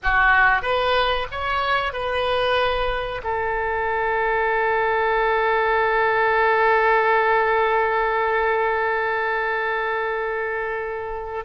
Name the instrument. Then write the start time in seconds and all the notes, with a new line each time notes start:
oboe
0.03 F#4
0.62 B4
1.31 C#5
1.92 B4
3.23 A4